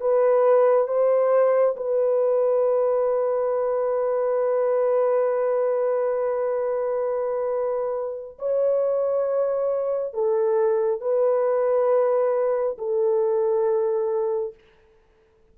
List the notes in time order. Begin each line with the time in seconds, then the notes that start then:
0.00 B4
0.87 C5
1.76 B4
8.38 C#5
10.13 A4
11.00 B4
12.77 A4